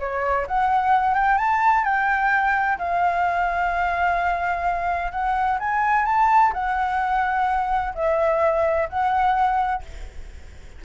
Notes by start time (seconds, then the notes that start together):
0.00 C#5
0.47 F#5
1.15 G5
1.38 A5
1.85 G5
2.79 F5
5.12 F#5
5.60 G#5
6.06 A5
6.53 F#5
7.95 E5
8.89 F#5